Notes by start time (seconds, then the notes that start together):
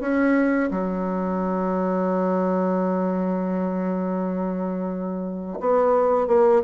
0.00 C#4
0.71 F#3
5.60 B3
6.27 A#3